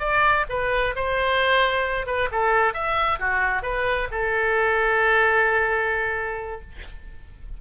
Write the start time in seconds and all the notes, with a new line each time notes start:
0.00 D5
0.50 B4
0.96 C5
2.07 B4
2.32 A4
2.74 E5
3.20 F#4
3.63 B4
4.12 A4